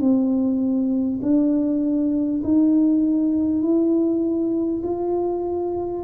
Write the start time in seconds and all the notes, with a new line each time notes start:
0.00 C4
1.23 D4
2.44 D#4
3.63 E4
4.83 F4